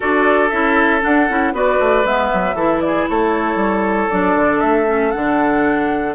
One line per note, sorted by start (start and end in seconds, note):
0.00 0.52 D4
0.00 0.49 F#4
0.00 1.53 A4
0.00 0.49 D5
0.49 1.03 C#4
0.49 1.01 E4
0.49 1.01 E5
1.01 1.27 D4
1.01 1.29 D4
1.01 1.54 F#5
1.29 1.53 C#4
1.29 1.53 E4
1.53 1.78 B3
1.53 2.04 F#4
1.53 2.55 B4
1.53 2.05 D5
1.79 2.04 A3
2.04 2.30 G#3
2.04 2.55 B3
2.04 2.81 E5
2.33 2.54 F#3
2.54 3.05 E3
2.54 4.10 E4
2.54 2.81 A4
2.81 3.09 G#4
2.81 3.06 D5
3.09 3.55 A3
3.09 6.14 A4
3.09 4.09 C#5
3.55 4.07 G3
4.09 4.35 F#3
4.09 4.86 D4
4.09 4.60 D5
4.35 4.61 D3
4.60 5.13 A3
4.60 5.10 E5
4.86 5.12 C#4
5.10 6.14 D3
5.10 6.14 D4
5.10 6.13 F#5